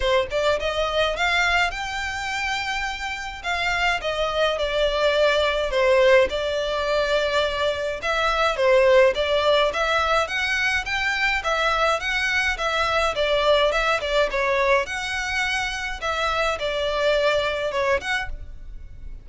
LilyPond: \new Staff \with { instrumentName = "violin" } { \time 4/4 \tempo 4 = 105 c''8 d''8 dis''4 f''4 g''4~ | g''2 f''4 dis''4 | d''2 c''4 d''4~ | d''2 e''4 c''4 |
d''4 e''4 fis''4 g''4 | e''4 fis''4 e''4 d''4 | e''8 d''8 cis''4 fis''2 | e''4 d''2 cis''8 fis''8 | }